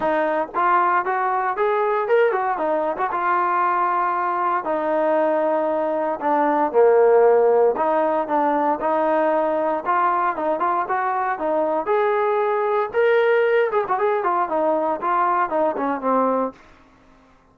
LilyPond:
\new Staff \with { instrumentName = "trombone" } { \time 4/4 \tempo 4 = 116 dis'4 f'4 fis'4 gis'4 | ais'8 fis'8 dis'8. fis'16 f'2~ | f'4 dis'2. | d'4 ais2 dis'4 |
d'4 dis'2 f'4 | dis'8 f'8 fis'4 dis'4 gis'4~ | gis'4 ais'4. gis'16 fis'16 gis'8 f'8 | dis'4 f'4 dis'8 cis'8 c'4 | }